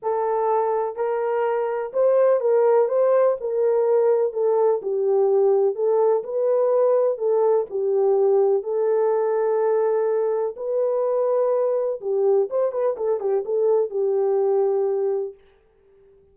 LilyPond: \new Staff \with { instrumentName = "horn" } { \time 4/4 \tempo 4 = 125 a'2 ais'2 | c''4 ais'4 c''4 ais'4~ | ais'4 a'4 g'2 | a'4 b'2 a'4 |
g'2 a'2~ | a'2 b'2~ | b'4 g'4 c''8 b'8 a'8 g'8 | a'4 g'2. | }